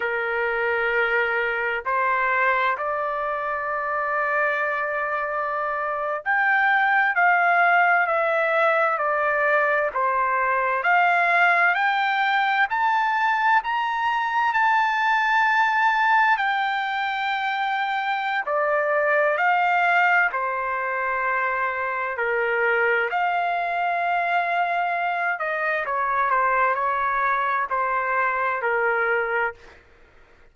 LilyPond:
\new Staff \with { instrumentName = "trumpet" } { \time 4/4 \tempo 4 = 65 ais'2 c''4 d''4~ | d''2~ d''8. g''4 f''16~ | f''8. e''4 d''4 c''4 f''16~ | f''8. g''4 a''4 ais''4 a''16~ |
a''4.~ a''16 g''2~ g''16 | d''4 f''4 c''2 | ais'4 f''2~ f''8 dis''8 | cis''8 c''8 cis''4 c''4 ais'4 | }